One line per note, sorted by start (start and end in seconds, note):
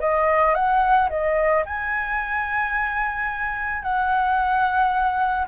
0.00 0.54 D#5
0.54 1.09 F#5
1.09 1.64 D#5
1.65 3.83 G#5
3.83 5.46 F#5